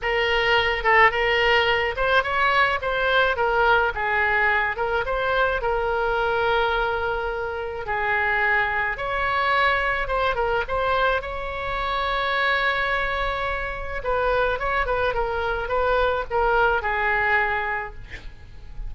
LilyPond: \new Staff \with { instrumentName = "oboe" } { \time 4/4 \tempo 4 = 107 ais'4. a'8 ais'4. c''8 | cis''4 c''4 ais'4 gis'4~ | gis'8 ais'8 c''4 ais'2~ | ais'2 gis'2 |
cis''2 c''8 ais'8 c''4 | cis''1~ | cis''4 b'4 cis''8 b'8 ais'4 | b'4 ais'4 gis'2 | }